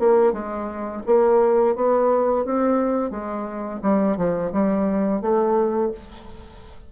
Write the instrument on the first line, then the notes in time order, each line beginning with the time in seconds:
bassoon
0.00 A#3
0.33 G#3
1.07 A#3
1.76 B3
2.45 C4
3.11 G#3
3.83 G3
4.17 F3
4.53 G3
5.22 A3